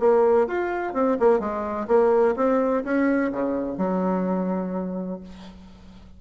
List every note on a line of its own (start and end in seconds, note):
0.00 0.48 A#3
0.48 0.94 F4
0.94 1.18 C4
1.20 1.40 A#3
1.40 1.88 G#3
1.88 2.36 A#3
2.37 2.84 C4
2.85 3.32 C#4
3.33 3.78 C#3
3.78 5.21 F#3